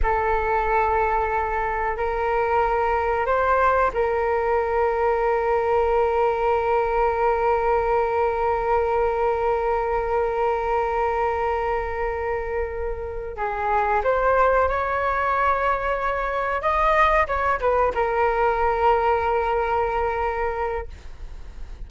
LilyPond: \new Staff \with { instrumentName = "flute" } { \time 4/4 \tempo 4 = 92 a'2. ais'4~ | ais'4 c''4 ais'2~ | ais'1~ | ais'1~ |
ais'1~ | ais'8 gis'4 c''4 cis''4.~ | cis''4. dis''4 cis''8 b'8 ais'8~ | ais'1 | }